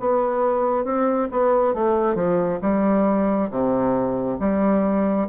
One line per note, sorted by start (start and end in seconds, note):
0.00 0.85 B3
0.85 1.29 C4
1.31 1.74 B3
1.74 2.15 A3
2.15 2.59 F3
2.62 3.50 G3
3.51 4.39 C3
4.40 5.28 G3